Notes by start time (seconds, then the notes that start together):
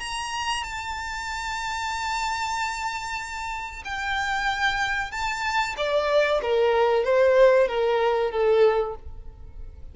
0.00 A#5
0.64 A5
3.85 G5
5.12 A5
5.77 D5
6.42 A#4
7.05 C5
7.68 A#4
8.32 A4